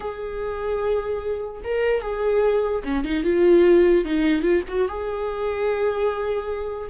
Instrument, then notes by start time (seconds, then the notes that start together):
viola
0.00 G#4
1.64 A#4
2.01 G#4
2.84 C#4
3.04 D#4
3.23 F4
4.04 D#4
4.42 F4
4.68 F#4
4.88 G#4